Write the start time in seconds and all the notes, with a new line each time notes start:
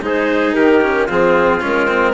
0.00 G#3 D#4 G#4 C5
0.53 D#3 G4 A#4
0.82 C#4
1.07 F3 C4 F4 G#4
1.61 G#3 C#4 A#4
1.87 C4